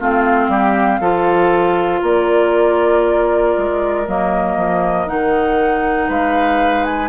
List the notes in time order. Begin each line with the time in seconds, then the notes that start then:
0.00 A3 C4 F4 F5
0.48 G3 G4
1.00 F3 F4 A4
2.02 A#3 A#4 D5
3.58 G#3
4.08 F#3 A#3 D#5
4.57 F3
5.07 D#3 D#4 F#5
6.08 G#3 B4 F5
6.85 G#5